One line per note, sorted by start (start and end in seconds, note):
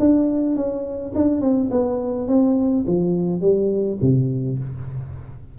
0.00 0.56 D4
0.56 1.13 C#4
1.15 1.42 D4
1.42 1.70 C4
1.71 2.28 B3
2.28 2.85 C4
2.87 3.41 F3
3.41 3.98 G3
4.02 4.59 C3